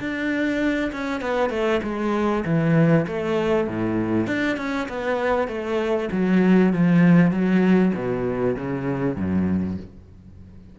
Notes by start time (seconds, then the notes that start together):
0.00 D4
0.93 C#4
1.22 B3
1.50 A3
1.84 G#3
2.45 E3
3.07 A3
3.68 A2
4.28 D4
4.58 C#4
4.89 B3
5.48 A3
6.13 F#3
6.73 F3
7.31 F#3
7.95 B2
8.57 C#3
9.16 F#2